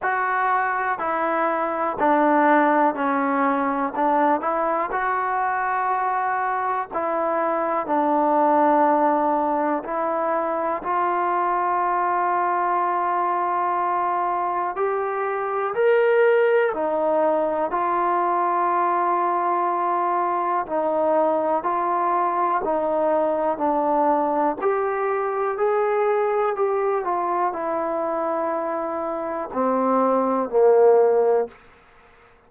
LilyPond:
\new Staff \with { instrumentName = "trombone" } { \time 4/4 \tempo 4 = 61 fis'4 e'4 d'4 cis'4 | d'8 e'8 fis'2 e'4 | d'2 e'4 f'4~ | f'2. g'4 |
ais'4 dis'4 f'2~ | f'4 dis'4 f'4 dis'4 | d'4 g'4 gis'4 g'8 f'8 | e'2 c'4 ais4 | }